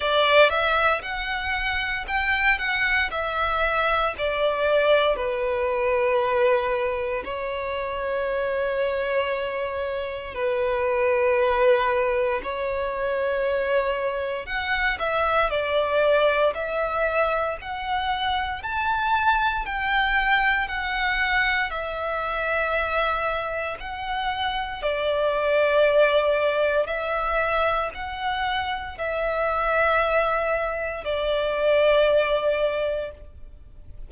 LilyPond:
\new Staff \with { instrumentName = "violin" } { \time 4/4 \tempo 4 = 58 d''8 e''8 fis''4 g''8 fis''8 e''4 | d''4 b'2 cis''4~ | cis''2 b'2 | cis''2 fis''8 e''8 d''4 |
e''4 fis''4 a''4 g''4 | fis''4 e''2 fis''4 | d''2 e''4 fis''4 | e''2 d''2 | }